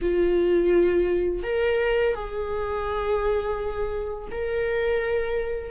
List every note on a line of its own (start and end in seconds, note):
0.01 1.43 F4
1.43 2.14 A#4
2.14 4.28 G#4
4.31 5.70 A#4